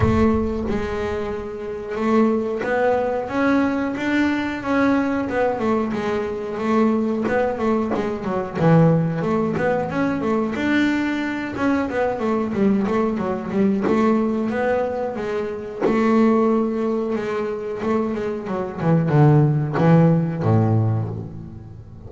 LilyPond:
\new Staff \with { instrumentName = "double bass" } { \time 4/4 \tempo 4 = 91 a4 gis2 a4 | b4 cis'4 d'4 cis'4 | b8 a8 gis4 a4 b8 a8 | gis8 fis8 e4 a8 b8 cis'8 a8 |
d'4. cis'8 b8 a8 g8 a8 | fis8 g8 a4 b4 gis4 | a2 gis4 a8 gis8 | fis8 e8 d4 e4 a,4 | }